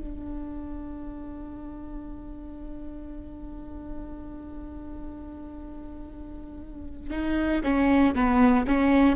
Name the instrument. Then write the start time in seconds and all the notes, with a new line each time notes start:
viola
0.00 D4
7.10 D#4
7.64 C#4
8.15 B3
8.68 C#4